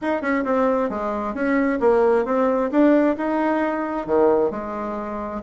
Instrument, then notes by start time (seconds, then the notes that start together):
bassoon
0.01 D#4
0.21 C#4
0.44 C4
0.89 G#3
1.34 C#4
1.79 A#3
2.25 C4
2.71 D4
3.17 D#4
4.06 D#3
4.51 G#3